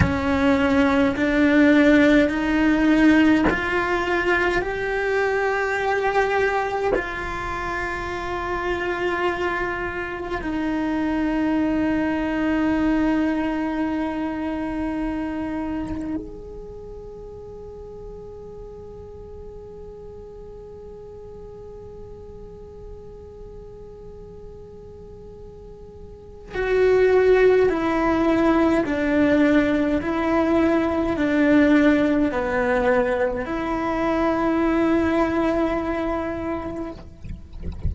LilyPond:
\new Staff \with { instrumentName = "cello" } { \time 4/4 \tempo 4 = 52 cis'4 d'4 dis'4 f'4 | g'2 f'2~ | f'4 dis'2.~ | dis'2 gis'2~ |
gis'1~ | gis'2. fis'4 | e'4 d'4 e'4 d'4 | b4 e'2. | }